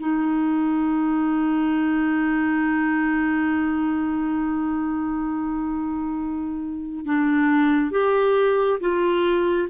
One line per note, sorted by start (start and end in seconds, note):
0.00 7.06 D#4
7.06 7.91 D4
7.91 8.80 G4
8.80 9.69 F4